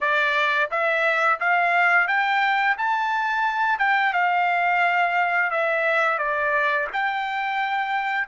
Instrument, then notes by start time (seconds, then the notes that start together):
trumpet
0.01 D5
0.70 E5
1.39 F5
2.07 G5
2.77 A5
3.78 G5
4.13 F5
5.50 E5
6.18 D5
6.92 G5